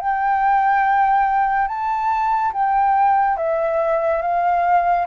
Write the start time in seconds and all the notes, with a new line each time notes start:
0.00 G5
1.67 A5
2.53 G5
3.37 E5
4.22 F5